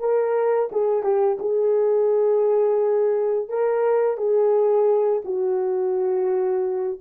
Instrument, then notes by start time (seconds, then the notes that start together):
horn
0.00 A#4
0.72 G#4
1.03 G4
1.40 G#4
3.49 A#4
4.18 G#4
5.25 F#4